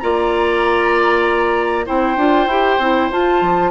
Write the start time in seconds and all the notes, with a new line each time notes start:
0.00 A#3 F4 D5 A#5
1.85 C4 E4 C5 G5
2.16 D4 F4
2.47 E4 G4
2.78 C4 E4
3.11 F4 A5
3.41 F3